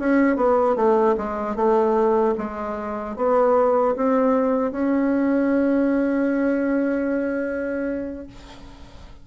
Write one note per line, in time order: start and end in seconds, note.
0.00 0.37 C#4
0.37 0.76 B3
0.76 1.16 A3
1.18 1.56 G#3
1.56 2.35 A3
2.38 3.17 G#3
3.17 3.96 B3
3.96 4.72 C4
4.72 8.28 C#4